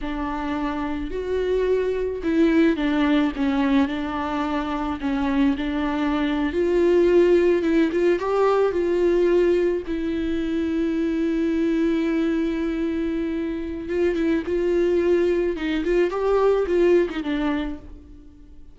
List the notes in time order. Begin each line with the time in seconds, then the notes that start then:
0.01 D4
1.10 F#4
2.23 E4
2.76 D4
3.35 C#4
3.88 D4
5.00 C#4
5.57 D4
6.53 F4
7.62 E4
7.92 F4
8.19 G4
8.71 F4
9.86 E4
13.88 F4
14.15 E4
14.46 F4
15.56 D#4
15.84 F4
16.10 G4
16.66 F4
17.09 D#4
17.23 D4